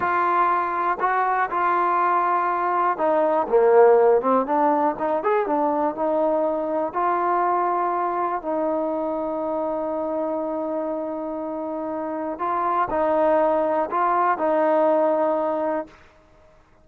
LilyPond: \new Staff \with { instrumentName = "trombone" } { \time 4/4 \tempo 4 = 121 f'2 fis'4 f'4~ | f'2 dis'4 ais4~ | ais8 c'8 d'4 dis'8 gis'8 d'4 | dis'2 f'2~ |
f'4 dis'2.~ | dis'1~ | dis'4 f'4 dis'2 | f'4 dis'2. | }